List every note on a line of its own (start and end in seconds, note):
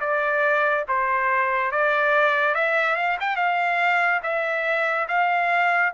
0.00 0.85 D5
0.88 1.71 C5
1.71 2.54 D5
2.54 2.96 E5
2.96 3.17 F5
3.20 3.36 G5
3.36 4.21 F5
4.23 5.07 E5
5.08 5.92 F5